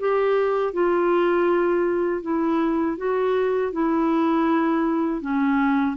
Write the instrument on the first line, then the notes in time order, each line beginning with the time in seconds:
clarinet
0.00 G4
0.74 F4
2.22 E4
2.98 F#4
3.73 E4
5.22 C#4